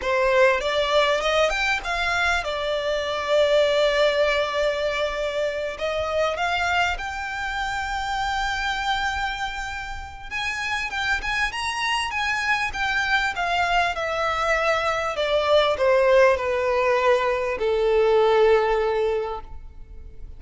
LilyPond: \new Staff \with { instrumentName = "violin" } { \time 4/4 \tempo 4 = 99 c''4 d''4 dis''8 g''8 f''4 | d''1~ | d''4. dis''4 f''4 g''8~ | g''1~ |
g''4 gis''4 g''8 gis''8 ais''4 | gis''4 g''4 f''4 e''4~ | e''4 d''4 c''4 b'4~ | b'4 a'2. | }